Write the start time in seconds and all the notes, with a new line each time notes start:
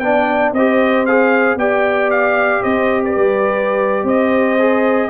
0.00 B3 D4 D5 G5
0.53 C4 G4 C5 D#5
1.06 G#4 F5
1.57 B3 G4 D5 G5
2.11 F5
2.63 C4 C5 D#5
3.04 B4 D5
3.17 G3
4.04 C4 C5 D#5
4.59 G#4